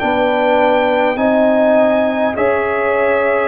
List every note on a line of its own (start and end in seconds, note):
0.00 1.16 B3
0.00 1.16 D4
0.00 1.19 B4
0.00 1.18 G5
1.16 2.34 C4
1.16 2.34 D#4
1.16 2.37 D#5
1.16 2.35 G#5
2.37 3.49 C#4
2.37 3.49 G#4
2.37 3.49 C#5
2.37 3.49 E5